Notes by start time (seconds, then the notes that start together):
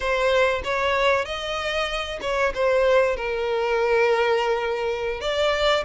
0.00 C5
0.63 C#5
1.25 D#5
2.21 C#5
2.54 C5
3.16 A#4
5.20 D5